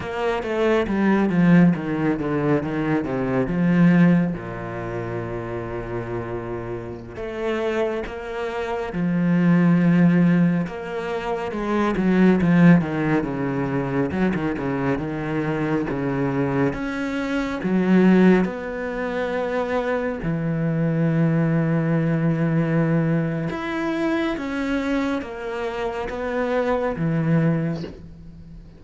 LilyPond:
\new Staff \with { instrumentName = "cello" } { \time 4/4 \tempo 4 = 69 ais8 a8 g8 f8 dis8 d8 dis8 c8 | f4 ais,2.~ | ais,16 a4 ais4 f4.~ f16~ | f16 ais4 gis8 fis8 f8 dis8 cis8.~ |
cis16 fis16 dis16 cis8 dis4 cis4 cis'8.~ | cis'16 fis4 b2 e8.~ | e2. e'4 | cis'4 ais4 b4 e4 | }